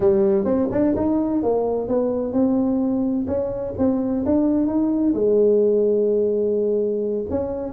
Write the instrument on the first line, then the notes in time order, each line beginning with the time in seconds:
tuba
0.00 G3
0.44 C4
0.71 D4
0.96 D#4
1.42 A#3
1.87 B3
2.32 C4
3.27 C#4
3.78 C4
4.25 D4
4.66 D#4
5.13 G#3
7.30 C#4